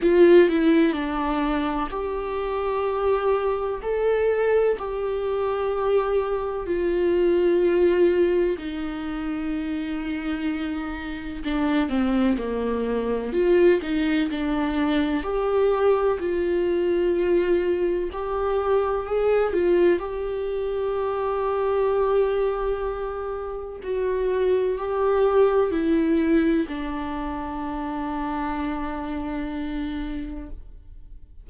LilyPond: \new Staff \with { instrumentName = "viola" } { \time 4/4 \tempo 4 = 63 f'8 e'8 d'4 g'2 | a'4 g'2 f'4~ | f'4 dis'2. | d'8 c'8 ais4 f'8 dis'8 d'4 |
g'4 f'2 g'4 | gis'8 f'8 g'2.~ | g'4 fis'4 g'4 e'4 | d'1 | }